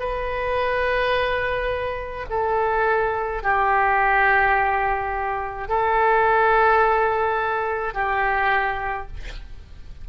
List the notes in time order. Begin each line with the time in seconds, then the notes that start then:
0.00 B4
2.30 A4
3.43 G4
5.69 A4
7.94 G4